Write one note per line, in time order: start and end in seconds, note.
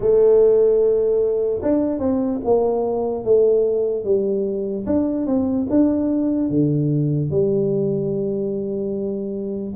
0.00 1.61 A3
1.62 1.99 D4
1.99 2.40 C4
2.44 3.24 A#3
3.24 4.04 A3
4.04 4.85 G3
4.86 5.26 D4
5.26 5.67 C4
5.70 6.49 D4
6.49 7.30 D3
7.30 9.73 G3